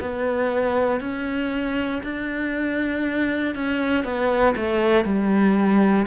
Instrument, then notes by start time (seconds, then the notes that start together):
cello
0.00 B3
1.00 C#4
2.03 D4
3.55 C#4
4.04 B3
4.56 A3
5.04 G3